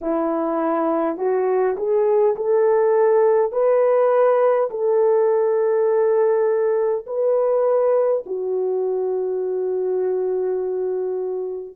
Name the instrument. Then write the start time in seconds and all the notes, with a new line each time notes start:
horn
0.01 E4
1.17 F#4
1.76 G#4
2.36 A4
3.52 B4
4.70 A4
7.06 B4
8.26 F#4